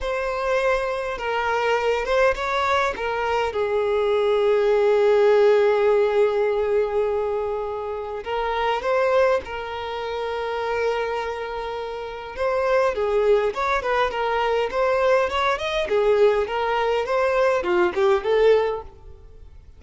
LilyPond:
\new Staff \with { instrumentName = "violin" } { \time 4/4 \tempo 4 = 102 c''2 ais'4. c''8 | cis''4 ais'4 gis'2~ | gis'1~ | gis'2 ais'4 c''4 |
ais'1~ | ais'4 c''4 gis'4 cis''8 b'8 | ais'4 c''4 cis''8 dis''8 gis'4 | ais'4 c''4 f'8 g'8 a'4 | }